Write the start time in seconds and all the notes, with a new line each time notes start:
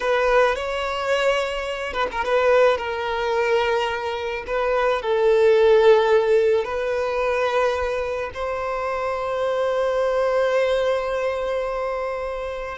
0.00 B4
0.55 C#5
1.93 B4
2.11 A#4
2.24 B4
2.77 A#4
4.46 B4
5.02 A4
6.64 B4
8.34 C5